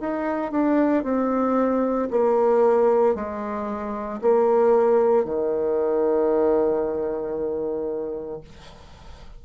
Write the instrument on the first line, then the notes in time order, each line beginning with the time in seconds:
bassoon
0.00 D#4
0.51 D4
1.03 C4
2.11 A#3
3.15 G#3
4.21 A#3
5.24 D#3